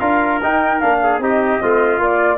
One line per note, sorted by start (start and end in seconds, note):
0.00 0.41 D4
0.00 0.41 F4
0.00 1.00 A#4
0.00 0.40 F5
0.43 0.81 D#4
0.43 0.83 D#4
0.43 0.80 G5
0.80 1.19 A#3
0.80 1.21 D4
0.80 1.20 F5
1.03 1.23 G#4
1.19 1.59 C4
1.19 1.60 D#4
1.19 1.63 G4
1.19 2.01 D#5
1.60 1.99 A3
1.60 1.99 C4
1.60 2.38 F4
1.99 2.38 A#3
1.99 2.38 F4
1.99 2.38 D5